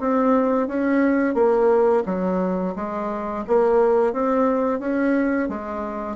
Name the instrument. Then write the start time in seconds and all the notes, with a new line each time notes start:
bassoon
0.00 C4
0.68 C#4
1.34 A#3
2.06 F#3
2.76 G#3
3.47 A#3
4.13 C4
4.80 C#4
5.49 G#3